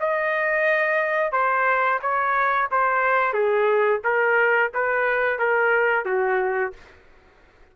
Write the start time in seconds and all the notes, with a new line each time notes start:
0.00 D#5
1.32 C5
2.02 C#5
2.72 C5
3.33 G#4
4.04 A#4
4.74 B4
5.39 A#4
6.06 F#4